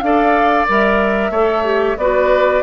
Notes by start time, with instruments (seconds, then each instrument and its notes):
0.00 bassoon D4, clarinet A4, oboe D5, flute F5
0.68 bassoon G3, clarinet A#4, flute E5
1.30 bassoon A3, clarinet A4, oboe C#5
1.64 clarinet G4
1.97 bassoon B3, clarinet F#4, oboe B4, flute D5